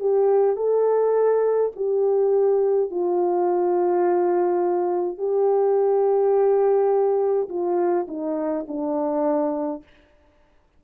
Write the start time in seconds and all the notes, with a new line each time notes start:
0.00 G4
0.56 A4
1.76 G4
2.91 F4
5.18 G4
7.49 F4
8.08 D#4
8.68 D4